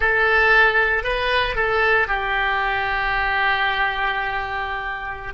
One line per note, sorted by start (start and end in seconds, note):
0.00 1.03 A4
1.03 1.55 B4
1.55 2.07 A4
2.07 5.33 G4